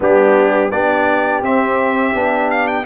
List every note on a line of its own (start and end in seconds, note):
0.00 0.72 G3
0.00 0.71 B3
0.00 0.71 D4
0.00 0.71 G4
0.71 1.42 B3
0.71 1.42 D4
0.71 2.85 G4
0.71 1.42 D5
1.42 2.13 C4
1.42 2.50 E5
2.13 2.85 B3
2.13 2.85 D4
2.50 2.67 F5
2.67 2.85 G5